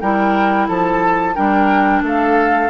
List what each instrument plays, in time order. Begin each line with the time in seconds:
0.00 bassoon G3, clarinet E4, oboe A#4, flute G5
0.68 bassoon F3, oboe A4, flute A5
1.35 bassoon G3, clarinet D4, oboe A#4, flute G5
2.02 bassoon A3, oboe A4, flute F5